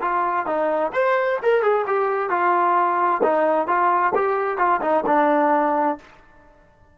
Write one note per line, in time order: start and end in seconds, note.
0.00 0.46 F4
0.46 0.92 D#4
0.93 1.38 C5
1.42 1.62 A#4
1.62 1.85 G#4
1.87 2.29 G4
2.29 3.21 F4
3.23 3.67 D#4
3.67 4.13 F4
4.15 4.57 G4
4.57 4.80 F4
4.81 5.04 D#4
5.06 5.97 D4